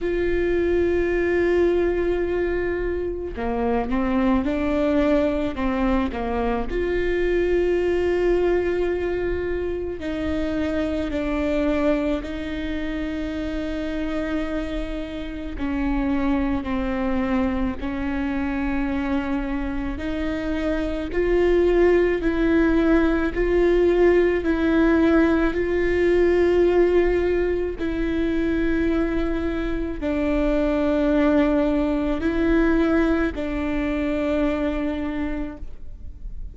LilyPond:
\new Staff \with { instrumentName = "viola" } { \time 4/4 \tempo 4 = 54 f'2. ais8 c'8 | d'4 c'8 ais8 f'2~ | f'4 dis'4 d'4 dis'4~ | dis'2 cis'4 c'4 |
cis'2 dis'4 f'4 | e'4 f'4 e'4 f'4~ | f'4 e'2 d'4~ | d'4 e'4 d'2 | }